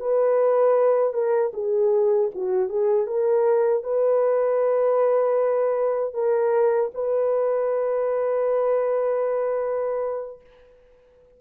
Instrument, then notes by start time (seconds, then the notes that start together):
horn
0.00 B4
1.13 A#4
1.53 G#4
2.35 F#4
2.69 G#4
3.06 A#4
3.83 B4
6.14 A#4
6.94 B4